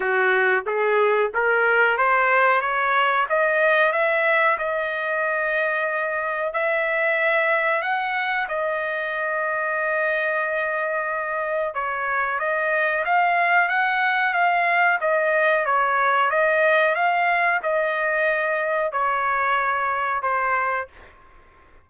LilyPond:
\new Staff \with { instrumentName = "trumpet" } { \time 4/4 \tempo 4 = 92 fis'4 gis'4 ais'4 c''4 | cis''4 dis''4 e''4 dis''4~ | dis''2 e''2 | fis''4 dis''2.~ |
dis''2 cis''4 dis''4 | f''4 fis''4 f''4 dis''4 | cis''4 dis''4 f''4 dis''4~ | dis''4 cis''2 c''4 | }